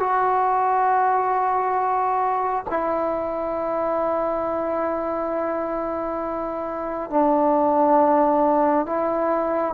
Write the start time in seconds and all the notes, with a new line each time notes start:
0.00 F#4
2.70 E4
7.11 D4
8.87 E4